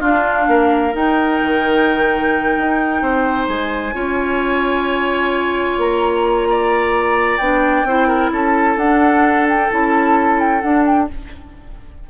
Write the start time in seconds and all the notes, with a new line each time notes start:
0.00 D4 F4 F5
0.48 A#3 A#4
0.92 D#4 G5
1.42 D#3
2.57 D#4
3.01 C4 C5
3.48 G#3 G#5
3.93 C#4 F4 C#5
5.77 A#3 A#5
6.50 D5
7.37 B3 D4 G5
7.84 C4 E4 C5
8.08 A#4
8.32 C#4 A4 A5
8.76 D4 F#5
9.49 G5
9.70 C#4 E4 A5
10.40 G5
10.62 D4 F#5
10.86 G5